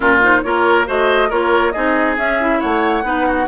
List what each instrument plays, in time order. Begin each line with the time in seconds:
0.00 bassoon A#2, clarinet C#4, oboe F4, flute A#4
0.22 clarinet D#4, flute C5
0.43 bassoon A#3, clarinet F4, oboe A#4, flute C#5
0.86 bassoon A3, clarinet F#4, oboe C5, flute D#5
1.29 bassoon A#3, clarinet F4, oboe A#4, flute C#5
1.71 bassoon C4, clarinet D#4, oboe G#4, flute D#5
2.17 bassoon C#4, clarinet C#4, flute E5
2.39 clarinet E4
2.59 bassoon A3, oboe C#5, flute F#5
3.03 bassoon B3, clarinet D#4, oboe B4
3.27 oboe F#4